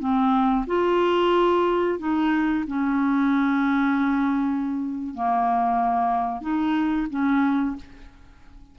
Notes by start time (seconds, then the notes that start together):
0.00 C4
0.67 F4
2.00 D#4
2.68 C#4
5.15 A#3
6.42 D#4
7.11 C#4